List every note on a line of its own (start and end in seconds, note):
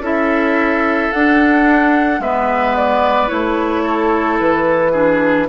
0.00 1.09 C#4
0.00 1.12 E4
0.00 2.21 A4
0.00 1.12 E5
1.12 2.20 D4
1.12 2.22 D4
1.12 2.21 F#5
2.20 3.29 G#3
2.20 3.28 B3
2.20 3.83 B4
2.20 2.76 E5
2.76 3.29 D5
3.28 4.41 A3
3.28 4.91 E4
3.28 4.38 C#5
3.83 4.92 A4
4.40 5.50 E3
4.40 5.49 B4
4.92 5.48 D4
4.92 5.47 G#4